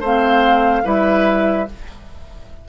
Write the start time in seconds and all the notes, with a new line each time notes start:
0.00 A3 C4 C5 F5
0.84 G3 E4 B4 E5